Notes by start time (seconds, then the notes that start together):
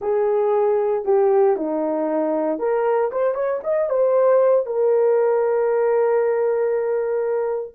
0.01 G#4
1.05 G4
1.56 D#4
2.59 A#4
3.11 C5
3.34 C#5
3.63 D#5
3.89 C5
4.66 A#4